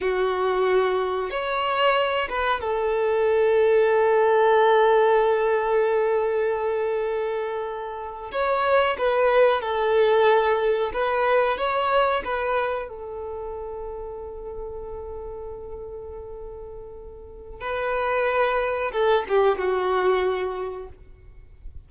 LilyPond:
\new Staff \with { instrumentName = "violin" } { \time 4/4 \tempo 4 = 92 fis'2 cis''4. b'8 | a'1~ | a'1~ | a'8. cis''4 b'4 a'4~ a'16~ |
a'8. b'4 cis''4 b'4 a'16~ | a'1~ | a'2. b'4~ | b'4 a'8 g'8 fis'2 | }